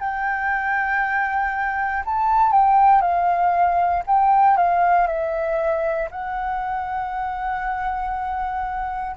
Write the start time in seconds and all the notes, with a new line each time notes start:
0.00 G5
2.05 A5
2.51 G5
3.01 F5
4.06 G5
4.57 F5
5.07 E5
6.11 F#5